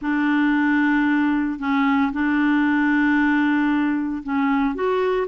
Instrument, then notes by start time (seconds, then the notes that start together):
clarinet
0.01 D4
1.59 C#4
2.12 D4
4.23 C#4
4.74 F#4